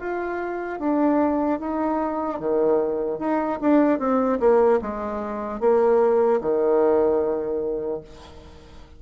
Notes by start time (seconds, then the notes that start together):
0.00 F4
0.80 D4
1.60 D#4
2.40 D#3
3.19 D#4
3.61 D4
3.99 C4
4.40 A#3
4.81 G#3
5.60 A#3
6.41 D#3